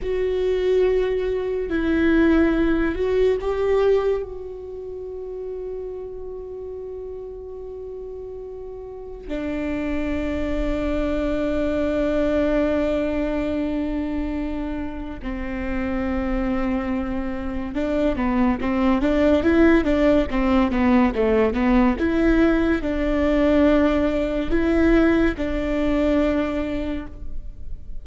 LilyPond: \new Staff \with { instrumentName = "viola" } { \time 4/4 \tempo 4 = 71 fis'2 e'4. fis'8 | g'4 fis'2.~ | fis'2. d'4~ | d'1~ |
d'2 c'2~ | c'4 d'8 b8 c'8 d'8 e'8 d'8 | c'8 b8 a8 b8 e'4 d'4~ | d'4 e'4 d'2 | }